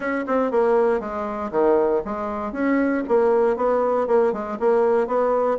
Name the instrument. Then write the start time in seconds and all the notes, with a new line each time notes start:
bassoon
0.00 C#4
0.26 C4
0.51 A#3
1.00 G#3
1.51 D#3
2.05 G#3
2.52 C#4
3.08 A#3
3.56 B3
4.07 A#3
4.32 G#3
4.59 A#3
5.07 B3